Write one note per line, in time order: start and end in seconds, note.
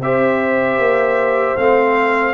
0.00 0.77 C4
0.00 1.58 G4
0.00 2.34 C5
0.00 1.57 E5
0.77 1.55 A#3
1.57 2.34 A3
1.57 2.34 C4
1.57 2.34 F5